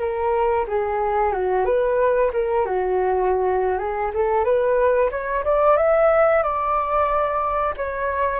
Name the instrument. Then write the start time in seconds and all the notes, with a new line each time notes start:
flute
0.00 A#4
0.68 G#4
1.33 F#4
1.65 B4
2.33 A#4
2.66 F#4
3.79 G#4
4.14 A4
4.44 B4
5.11 C#5
5.45 D5
5.77 E5
6.43 D5
7.77 C#5